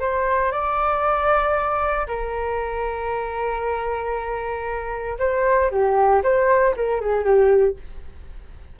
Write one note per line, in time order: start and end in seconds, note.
0.00 0.52 C5
0.52 2.07 D5
2.07 5.17 A#4
5.19 5.70 C5
5.71 6.22 G4
6.23 6.75 C5
6.76 7.01 A#4
7.01 7.24 G#4
7.24 7.76 G4